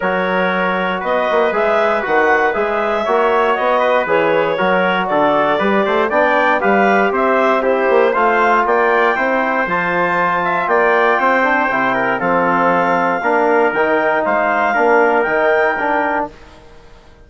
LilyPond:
<<
  \new Staff \with { instrumentName = "clarinet" } { \time 4/4 \tempo 4 = 118 cis''2 dis''4 e''4 | fis''4 e''2 dis''4 | cis''2 d''2 | g''4 f''4 e''4 c''4 |
f''4 g''2 a''4~ | a''4 g''2. | f''2. g''4 | f''2 g''2 | }
  \new Staff \with { instrumentName = "trumpet" } { \time 4/4 ais'2 b'2~ | b'2 cis''4. b'8~ | b'4 ais'4 a'4 b'8 c''8 | d''4 b'4 c''4 g'4 |
c''4 d''4 c''2~ | c''8 e''8 d''4 c''4. ais'8 | a'2 ais'2 | c''4 ais'2. | }
  \new Staff \with { instrumentName = "trombone" } { \time 4/4 fis'2. gis'4 | fis'4 gis'4 fis'2 | gis'4 fis'2 g'4 | d'4 g'2 e'4 |
f'2 e'4 f'4~ | f'2~ f'8 d'8 e'4 | c'2 d'4 dis'4~ | dis'4 d'4 dis'4 d'4 | }
  \new Staff \with { instrumentName = "bassoon" } { \time 4/4 fis2 b8 ais8 gis4 | dis4 gis4 ais4 b4 | e4 fis4 d4 g8 a8 | b4 g4 c'4. ais8 |
a4 ais4 c'4 f4~ | f4 ais4 c'4 c4 | f2 ais4 dis4 | gis4 ais4 dis2 | }
>>